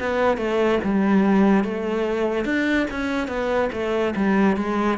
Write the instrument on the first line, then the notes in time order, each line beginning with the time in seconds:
cello
0.00 B3
0.38 A3
0.84 G3
1.65 A3
2.45 D4
2.91 C#4
3.28 B3
3.73 A3
4.16 G3
4.57 G#3